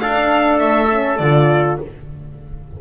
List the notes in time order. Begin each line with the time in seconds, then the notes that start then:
0.00 D4 A4 F5
0.59 A3 E5
0.90 C#4
1.17 D3 F4 D5